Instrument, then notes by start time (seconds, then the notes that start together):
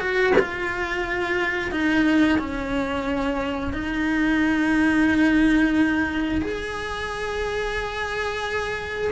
cello
0.00 F#4
0.39 F4
1.72 D#4
2.39 C#4
3.74 D#4
6.42 G#4